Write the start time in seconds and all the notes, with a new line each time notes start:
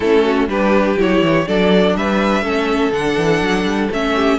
0.00 A3 C#4 E4 A4
0.24 F#4
0.47 G3 D4 G4 B4
0.97 F#3 E4 C#5
1.21 E3
1.46 F#3 D4 A4 D5
1.95 G3 B4 E5
2.41 A3 C#4 A4
2.92 D3 D4 F#5
3.17 E3
3.41 F#3
3.64 G3
3.91 A3 C#4 E5
4.14 G4